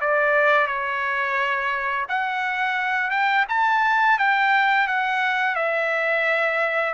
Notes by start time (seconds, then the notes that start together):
0.00 D5
0.67 C#5
2.08 F#5
3.10 G5
3.48 A5
4.18 G5
4.87 F#5
5.55 E5